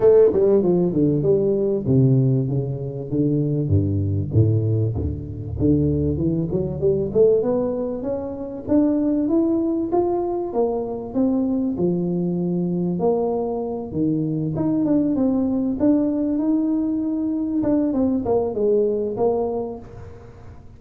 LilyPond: \new Staff \with { instrumentName = "tuba" } { \time 4/4 \tempo 4 = 97 a8 g8 f8 d8 g4 c4 | cis4 d4 g,4 a,4 | d,4 d4 e8 fis8 g8 a8 | b4 cis'4 d'4 e'4 |
f'4 ais4 c'4 f4~ | f4 ais4. dis4 dis'8 | d'8 c'4 d'4 dis'4.~ | dis'8 d'8 c'8 ais8 gis4 ais4 | }